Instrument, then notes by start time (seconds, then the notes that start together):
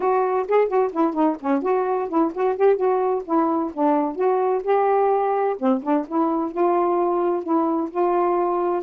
saxophone
0.00 F#4
0.48 G#4
0.67 F#4
0.92 E4
1.13 D#4
1.40 C#4
1.62 F#4
2.08 E4
2.34 F#4
2.56 G4
2.76 F#4
3.25 E4
3.73 D4
4.15 F#4
4.63 G4
5.59 C4
5.82 D4
6.07 E4
6.51 F4
7.43 E4
7.90 F4